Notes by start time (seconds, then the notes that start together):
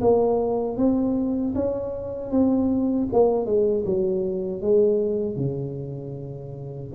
0.00 A#3
0.77 C4
1.55 C#4
2.31 C4
3.12 A#3
3.45 G#3
3.85 F#3
4.61 G#3
5.36 C#3